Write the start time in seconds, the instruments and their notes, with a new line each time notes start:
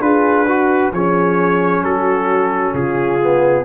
0.00 tuba D4, trombone F4, horn G#4, trumpet B4
0.47 horn F#4, trombone F#4
0.92 tuba F3, trombone C#4, horn G#4, trumpet C#5
1.82 tuba F#3, horn F#4, trumpet A4
2.73 tuba C#3, horn F4, trumpet G#4
3.22 trombone B3